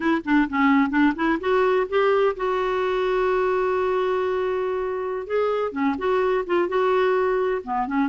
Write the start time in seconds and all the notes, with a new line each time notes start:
0.00 E4
0.25 D4
0.49 C#4
0.89 D4
1.15 E4
1.40 F#4
1.89 G4
2.36 F#4
5.26 G#4
5.72 C#4
5.98 F#4
6.46 F4
6.68 F#4
7.64 B3
7.87 C#4